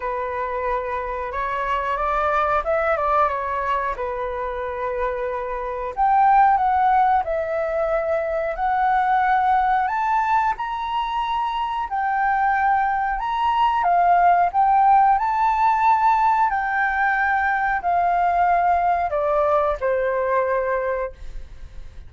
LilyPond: \new Staff \with { instrumentName = "flute" } { \time 4/4 \tempo 4 = 91 b'2 cis''4 d''4 | e''8 d''8 cis''4 b'2~ | b'4 g''4 fis''4 e''4~ | e''4 fis''2 a''4 |
ais''2 g''2 | ais''4 f''4 g''4 a''4~ | a''4 g''2 f''4~ | f''4 d''4 c''2 | }